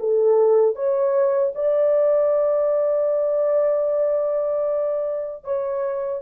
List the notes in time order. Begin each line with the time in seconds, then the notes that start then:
0.00 A4
0.75 C#5
1.55 D5
5.44 C#5